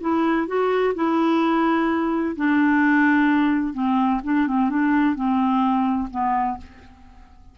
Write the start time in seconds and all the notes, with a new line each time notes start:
0.00 E4
0.47 F#4
0.94 E4
2.36 D4
3.74 C4
4.23 D4
4.47 C4
4.69 D4
5.15 C4
6.10 B3